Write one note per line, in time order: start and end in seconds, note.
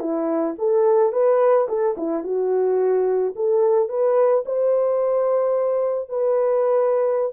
0.00 0.55 E4
0.59 1.13 A4
1.13 1.68 B4
1.69 1.96 A4
1.97 2.24 E4
2.24 3.34 F#4
3.36 3.89 A4
3.89 4.44 B4
4.46 6.10 C5
6.10 7.33 B4